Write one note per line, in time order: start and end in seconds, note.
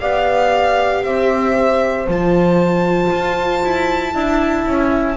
0.00 1.03 B3
0.00 2.08 G4
0.00 1.03 D5
0.00 1.03 F5
1.03 2.07 C4
1.03 4.14 C5
1.03 2.07 E5
2.07 3.10 F3
2.07 4.13 F4
2.07 5.17 A5
3.11 3.62 F4
3.63 4.14 E4
4.13 4.66 D4
4.13 5.17 E4
4.13 5.17 E5
4.66 5.17 C#4